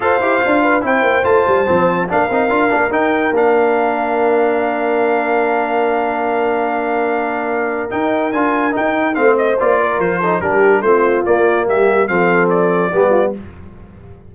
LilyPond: <<
  \new Staff \with { instrumentName = "trumpet" } { \time 4/4 \tempo 4 = 144 f''2 g''4 a''4~ | a''4 f''2 g''4 | f''1~ | f''1~ |
f''2. g''4 | gis''4 g''4 f''8 dis''8 d''4 | c''4 ais'4 c''4 d''4 | e''4 f''4 d''2 | }
  \new Staff \with { instrumentName = "horn" } { \time 4/4 c''4. b'8 c''2~ | c''4 ais'2.~ | ais'1~ | ais'1~ |
ais'1~ | ais'2 c''4. ais'8~ | ais'8 a'8 g'4 f'2 | g'4 a'2 g'8 f'8 | }
  \new Staff \with { instrumentName = "trombone" } { \time 4/4 a'8 g'8 f'4 e'4 f'4 | c'4 d'8 dis'8 f'8 d'8 dis'4 | d'1~ | d'1~ |
d'2. dis'4 | f'4 dis'4 c'4 f'4~ | f'8 dis'8 d'4 c'4 ais4~ | ais4 c'2 b4 | }
  \new Staff \with { instrumentName = "tuba" } { \time 4/4 f'8 e'8 d'4 c'8 ais8 a8 g8 | f4 ais8 c'8 d'8 ais8 dis'4 | ais1~ | ais1~ |
ais2. dis'4 | d'4 dis'4 a4 ais4 | f4 g4 a4 ais4 | g4 f2 g4 | }
>>